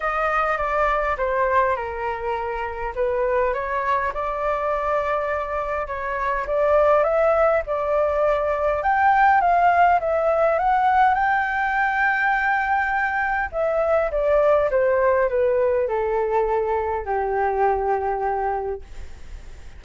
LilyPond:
\new Staff \with { instrumentName = "flute" } { \time 4/4 \tempo 4 = 102 dis''4 d''4 c''4 ais'4~ | ais'4 b'4 cis''4 d''4~ | d''2 cis''4 d''4 | e''4 d''2 g''4 |
f''4 e''4 fis''4 g''4~ | g''2. e''4 | d''4 c''4 b'4 a'4~ | a'4 g'2. | }